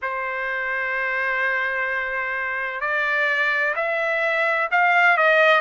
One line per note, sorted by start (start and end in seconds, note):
0.02 2.80 C5
2.80 3.74 D5
3.75 4.69 E5
4.71 5.16 F5
5.16 5.60 D#5